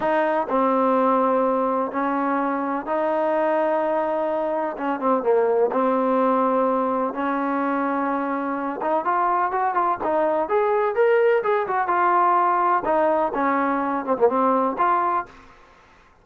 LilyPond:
\new Staff \with { instrumentName = "trombone" } { \time 4/4 \tempo 4 = 126 dis'4 c'2. | cis'2 dis'2~ | dis'2 cis'8 c'8 ais4 | c'2. cis'4~ |
cis'2~ cis'8 dis'8 f'4 | fis'8 f'8 dis'4 gis'4 ais'4 | gis'8 fis'8 f'2 dis'4 | cis'4. c'16 ais16 c'4 f'4 | }